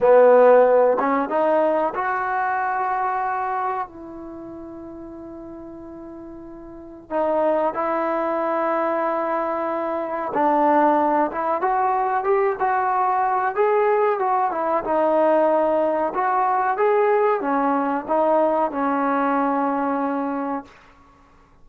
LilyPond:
\new Staff \with { instrumentName = "trombone" } { \time 4/4 \tempo 4 = 93 b4. cis'8 dis'4 fis'4~ | fis'2 e'2~ | e'2. dis'4 | e'1 |
d'4. e'8 fis'4 g'8 fis'8~ | fis'4 gis'4 fis'8 e'8 dis'4~ | dis'4 fis'4 gis'4 cis'4 | dis'4 cis'2. | }